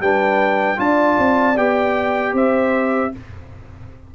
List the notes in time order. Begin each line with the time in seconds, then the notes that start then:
0.00 G3 D4 B4 G5
0.76 D4 F4 D5 A5
1.18 C4
1.56 B3 G4 G5
2.33 C4 C5 E5